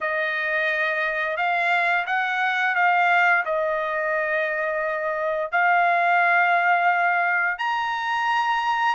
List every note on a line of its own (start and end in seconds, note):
0.00 1.36 D#5
1.36 2.05 F5
2.06 2.75 F#5
2.75 3.44 F5
3.45 5.51 D#5
5.51 7.58 F5
7.58 8.95 A#5